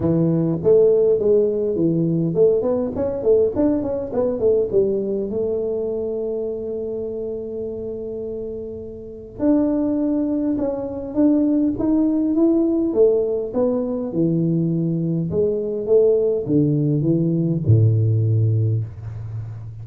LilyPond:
\new Staff \with { instrumentName = "tuba" } { \time 4/4 \tempo 4 = 102 e4 a4 gis4 e4 | a8 b8 cis'8 a8 d'8 cis'8 b8 a8 | g4 a2.~ | a1 |
d'2 cis'4 d'4 | dis'4 e'4 a4 b4 | e2 gis4 a4 | d4 e4 a,2 | }